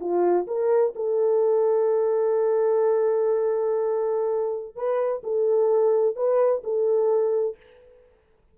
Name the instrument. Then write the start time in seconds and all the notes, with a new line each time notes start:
horn
0.00 F4
0.47 A#4
0.95 A4
4.75 B4
5.23 A4
6.16 B4
6.63 A4